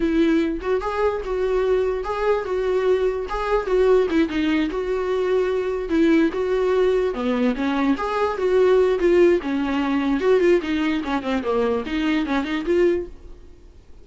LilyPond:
\new Staff \with { instrumentName = "viola" } { \time 4/4 \tempo 4 = 147 e'4. fis'8 gis'4 fis'4~ | fis'4 gis'4 fis'2 | gis'4 fis'4 e'8 dis'4 fis'8~ | fis'2~ fis'8 e'4 fis'8~ |
fis'4. b4 cis'4 gis'8~ | gis'8 fis'4. f'4 cis'4~ | cis'4 fis'8 f'8 dis'4 cis'8 c'8 | ais4 dis'4 cis'8 dis'8 f'4 | }